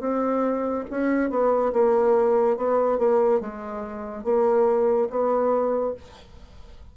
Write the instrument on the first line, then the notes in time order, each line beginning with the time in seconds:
bassoon
0.00 C4
0.90 C#4
1.30 B3
1.73 A#3
2.57 B3
2.98 A#3
3.40 G#3
4.24 A#3
5.10 B3